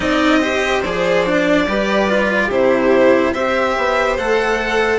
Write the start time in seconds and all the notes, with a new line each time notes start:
0.00 C4 D#4 D5 D#5
0.40 G4 C5
0.83 F3 G#4 D5
1.26 D4
1.67 G3 G4 B4
2.09 F4
2.45 C3 E4 G4 C5
3.33 C4 G4 C5 E5
3.77 B3
4.17 A3 A4 F#5